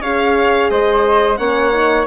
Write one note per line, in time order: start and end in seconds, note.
0.00 0.68 C#4
0.00 1.38 G#4
0.00 0.69 C#5
0.00 0.70 F5
0.70 1.38 G#3
0.70 1.38 C5
0.70 1.37 D#5
1.37 2.06 A#3
1.37 1.71 C#4
1.37 2.07 C#5
1.37 2.05 F#5
1.71 2.06 D#4